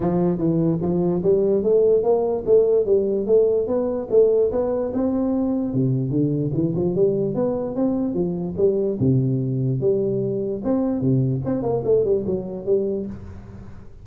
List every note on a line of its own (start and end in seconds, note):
0.00 0.38 F3
0.38 0.78 E3
0.81 1.22 F3
1.23 1.63 G3
1.63 2.03 A3
2.03 2.43 A#3
2.46 2.85 A3
2.85 3.26 G3
3.26 3.67 A3
3.67 4.08 B3
4.10 4.51 A3
4.51 4.92 B3
4.93 5.73 C4
5.73 6.10 C3
6.10 6.51 D3
6.53 6.74 E3
6.75 6.95 F3
6.95 7.34 G3
7.34 7.75 B3
7.75 8.13 C4
8.13 8.54 F3
8.57 8.98 G3
8.99 9.80 C3
9.80 10.62 G3
10.64 11.00 C4
11.00 11.41 C3
11.45 11.63 C4
11.63 11.83 A#3
11.84 12.04 A3
12.04 12.24 G3
12.26 12.65 F#3
12.65 13.06 G3